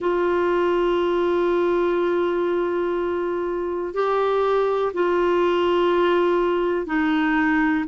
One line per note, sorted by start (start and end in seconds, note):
0.00 3.93 F4
3.93 4.92 G4
4.93 6.86 F4
6.86 7.84 D#4